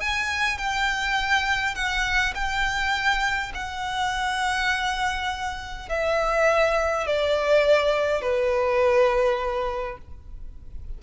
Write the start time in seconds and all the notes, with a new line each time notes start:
0.00 G#5
0.58 G5
1.75 F#5
2.34 G5
3.54 F#5
5.89 E5
7.06 D5
8.21 B4